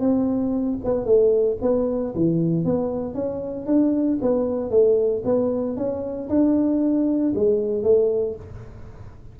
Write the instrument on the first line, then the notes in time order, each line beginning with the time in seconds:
tuba
0.00 C4
0.84 B3
1.05 A3
1.62 B3
2.15 E3
2.65 B3
3.14 C#4
3.66 D4
4.21 B3
4.70 A3
5.25 B3
5.77 C#4
6.29 D4
7.35 G#3
7.83 A3